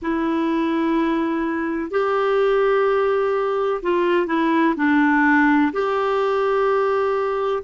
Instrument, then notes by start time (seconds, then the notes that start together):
clarinet
0.02 E4
1.90 G4
3.82 F4
4.26 E4
4.76 D4
5.72 G4